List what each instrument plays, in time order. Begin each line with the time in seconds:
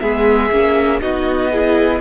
0.00 cello G#3, viola B3, violin G#4 E5
0.51 cello A#3, viola C#4
1.01 cello B3, viola D#4, violin F#4 D#5
1.51 viola E4, violin G#4